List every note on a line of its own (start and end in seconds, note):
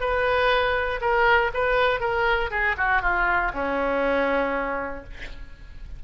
0.00 1.00 B4
1.01 1.51 A#4
1.54 2.00 B4
2.00 2.50 A#4
2.50 2.75 G#4
2.77 3.01 F#4
3.01 3.51 F4
3.53 5.03 C#4